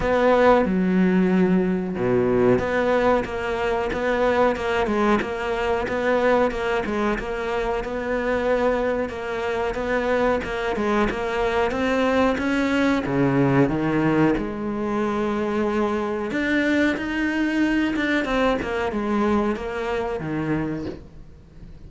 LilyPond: \new Staff \with { instrumentName = "cello" } { \time 4/4 \tempo 4 = 92 b4 fis2 b,4 | b4 ais4 b4 ais8 gis8 | ais4 b4 ais8 gis8 ais4 | b2 ais4 b4 |
ais8 gis8 ais4 c'4 cis'4 | cis4 dis4 gis2~ | gis4 d'4 dis'4. d'8 | c'8 ais8 gis4 ais4 dis4 | }